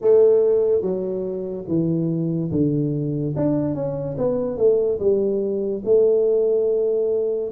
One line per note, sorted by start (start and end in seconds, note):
0.01 0.81 A3
0.81 1.64 F#3
1.67 2.50 E3
2.51 3.34 D3
3.36 3.74 D4
3.74 4.16 C#4
4.17 4.57 B3
4.57 4.98 A3
4.99 5.82 G3
5.84 7.51 A3